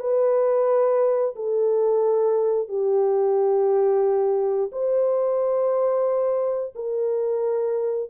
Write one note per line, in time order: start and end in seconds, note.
0.00 1.35 B4
1.36 2.69 A4
2.69 4.71 G4
4.72 6.74 C5
6.76 8.10 A#4